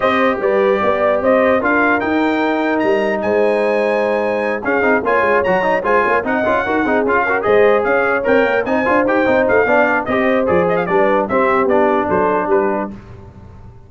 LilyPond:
<<
  \new Staff \with { instrumentName = "trumpet" } { \time 4/4 \tempo 4 = 149 dis''4 d''2 dis''4 | f''4 g''2 ais''4 | gis''2.~ gis''8 f''8~ | f''8 gis''4 ais''4 gis''4 fis''8~ |
fis''4. f''4 dis''4 f''8~ | f''8 g''4 gis''4 g''4 f''8~ | f''4 dis''4 d''8 dis''16 f''16 d''4 | e''4 d''4 c''4 b'4 | }
  \new Staff \with { instrumentName = "horn" } { \time 4/4 c''4 b'4 d''4 c''4 | ais'1 | c''2.~ c''8 gis'8~ | gis'8 cis''2 c''8 cis''8 dis''8~ |
dis''8 ais'8 gis'4 ais'8 c''4 cis''8~ | cis''4. c''2~ c''8 | d''4 c''2 b'4 | g'2 a'4 g'4 | }
  \new Staff \with { instrumentName = "trombone" } { \time 4/4 g'1 | f'4 dis'2.~ | dis'2.~ dis'8 cis'8 | dis'8 f'4 fis'8 dis'8 f'4 dis'8 |
f'8 fis'8 dis'8 f'8 fis'8 gis'4.~ | gis'8 ais'4 dis'8 f'8 g'8 dis'4 | d'4 g'4 gis'4 d'4 | c'4 d'2. | }
  \new Staff \with { instrumentName = "tuba" } { \time 4/4 c'4 g4 b4 c'4 | d'4 dis'2 g4 | gis2.~ gis8 cis'8 | c'8 ais8 gis8 fis4 gis8 ais8 c'8 |
cis'8 dis'8 c'8 cis'4 gis4 cis'8~ | cis'8 c'8 ais8 c'8 d'8 dis'8 c'8 a8 | b4 c'4 f4 g4 | c'4 b4 fis4 g4 | }
>>